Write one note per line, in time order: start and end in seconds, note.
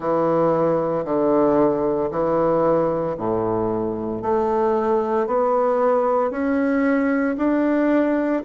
0.00 1.04 E3
1.04 2.10 D3
2.11 3.16 E3
3.17 4.22 A2
4.22 5.26 A3
5.26 6.30 B3
6.30 7.35 C#4
7.37 8.42 D4